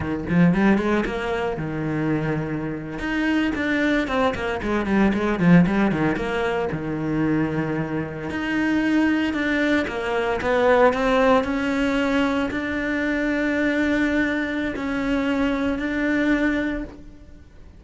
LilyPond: \new Staff \with { instrumentName = "cello" } { \time 4/4 \tempo 4 = 114 dis8 f8 g8 gis8 ais4 dis4~ | dis4.~ dis16 dis'4 d'4 c'16~ | c'16 ais8 gis8 g8 gis8 f8 g8 dis8 ais16~ | ais8. dis2. dis'16~ |
dis'4.~ dis'16 d'4 ais4 b16~ | b8. c'4 cis'2 d'16~ | d'1 | cis'2 d'2 | }